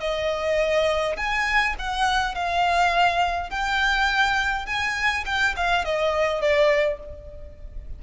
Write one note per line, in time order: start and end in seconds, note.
0.00 1.17 D#5
1.17 1.75 G#5
1.79 2.35 F#5
2.35 3.50 F5
3.50 4.66 G5
4.66 5.25 G#5
5.26 5.55 G5
5.57 5.85 F5
5.85 6.41 D#5
6.41 7.00 D5